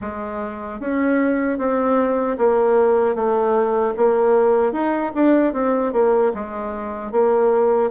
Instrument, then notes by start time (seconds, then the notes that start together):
bassoon
0.01 G#3
0.79 C#4
1.58 C4
2.38 A#3
3.15 A3
3.97 A#3
4.72 D#4
5.15 D4
5.53 C4
5.92 A#3
6.34 G#3
7.11 A#3